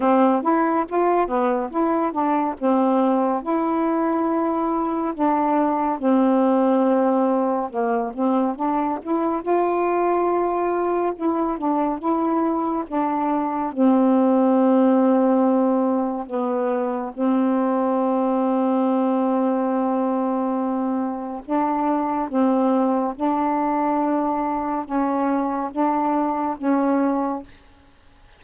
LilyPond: \new Staff \with { instrumentName = "saxophone" } { \time 4/4 \tempo 4 = 70 c'8 e'8 f'8 b8 e'8 d'8 c'4 | e'2 d'4 c'4~ | c'4 ais8 c'8 d'8 e'8 f'4~ | f'4 e'8 d'8 e'4 d'4 |
c'2. b4 | c'1~ | c'4 d'4 c'4 d'4~ | d'4 cis'4 d'4 cis'4 | }